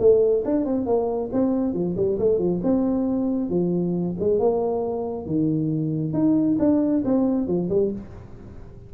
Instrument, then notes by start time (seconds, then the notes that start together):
tuba
0.00 A3
0.45 D4
0.66 C4
0.86 A#3
1.33 C4
1.74 F3
1.97 G3
2.19 A3
2.39 F3
2.64 C4
3.50 F3
4.20 G#3
4.40 A#3
5.26 D#3
6.14 D#4
6.60 D4
7.05 C4
7.47 F3
7.70 G3